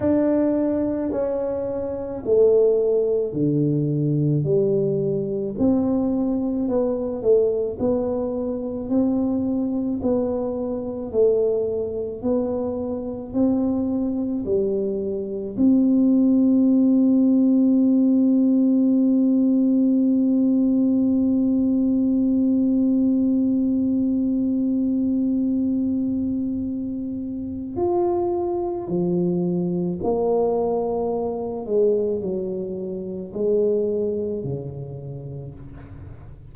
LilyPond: \new Staff \with { instrumentName = "tuba" } { \time 4/4 \tempo 4 = 54 d'4 cis'4 a4 d4 | g4 c'4 b8 a8 b4 | c'4 b4 a4 b4 | c'4 g4 c'2~ |
c'1~ | c'1~ | c'4 f'4 f4 ais4~ | ais8 gis8 fis4 gis4 cis4 | }